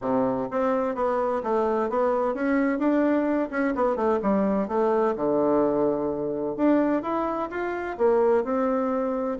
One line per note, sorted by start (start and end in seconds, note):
0.01 0.48 C3
0.50 0.95 C4
0.95 1.42 B3
1.43 1.89 A3
1.89 2.34 B3
2.34 2.78 C#4
2.78 3.49 D4
3.50 3.74 C#4
3.75 3.95 B3
3.95 4.19 A3
4.22 4.67 G3
4.67 5.14 A3
5.16 6.56 D3
6.56 7.02 D4
7.02 7.49 E4
7.50 7.97 F4
7.97 8.44 A#3
8.44 9.37 C4